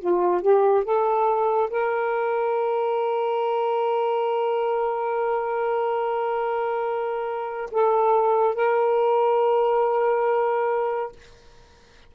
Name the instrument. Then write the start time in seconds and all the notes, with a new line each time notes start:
saxophone
0.00 F4
0.42 G4
0.84 A4
1.70 A#4
7.71 A4
8.55 A#4